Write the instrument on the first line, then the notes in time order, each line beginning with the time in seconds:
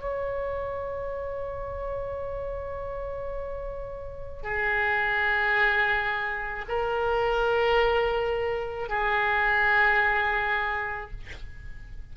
oboe
0.00 C#5
4.43 G#4
6.68 A#4
8.88 G#4